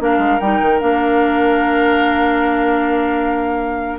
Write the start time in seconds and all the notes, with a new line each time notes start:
0.00 A#3 D4 A#4 F5
0.18 G#3
0.40 G3 D#4 G5
0.61 D#3
0.80 A#3 D4 F5